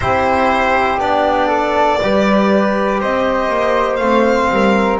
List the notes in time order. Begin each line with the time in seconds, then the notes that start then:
0.00 C4 E4 G4 C5
0.98 B3 D4 D5
1.47 A4
2.02 G3 G4 B4
3.00 C4 C5 D#5
3.49 A#3
3.96 A3 C4 F5
4.49 G3 A#4